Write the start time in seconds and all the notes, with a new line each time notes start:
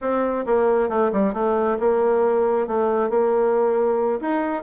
0.01 C4
0.46 A#3
0.89 A3
1.12 G3
1.33 A3
1.79 A#3
2.67 A3
3.09 A#3
4.20 D#4